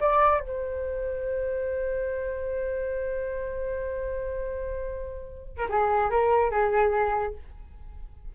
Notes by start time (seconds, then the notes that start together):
0.00 D5
0.40 C5
5.57 A#4
5.69 G#4
6.10 A#4
6.51 G#4